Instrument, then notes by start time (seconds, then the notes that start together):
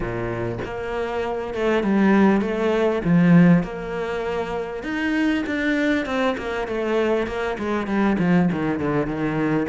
cello
0.00 A#2
0.64 A#3
1.53 A3
1.83 G3
2.41 A3
3.04 F3
3.63 A#3
4.83 D#4
5.46 D4
6.05 C4
6.37 A#3
6.67 A3
7.26 A#3
7.58 G#3
7.86 G3
8.18 F3
8.52 D#3
8.79 D3
9.06 D#3